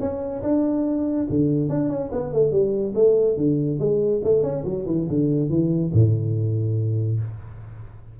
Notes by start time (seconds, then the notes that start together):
0.00 C#4
0.42 D4
1.30 D3
1.69 D4
1.89 C#4
2.12 B3
2.33 A3
2.51 G3
2.95 A3
3.37 D3
3.79 G#3
4.24 A3
4.43 C#4
4.65 F#3
4.86 E3
5.09 D3
5.50 E3
5.93 A2